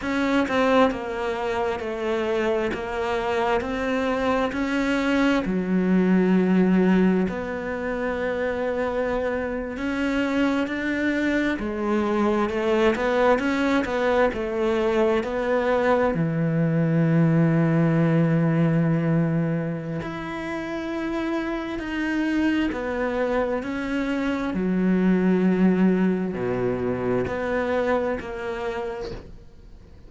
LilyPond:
\new Staff \with { instrumentName = "cello" } { \time 4/4 \tempo 4 = 66 cis'8 c'8 ais4 a4 ais4 | c'4 cis'4 fis2 | b2~ b8. cis'4 d'16~ | d'8. gis4 a8 b8 cis'8 b8 a16~ |
a8. b4 e2~ e16~ | e2 e'2 | dis'4 b4 cis'4 fis4~ | fis4 b,4 b4 ais4 | }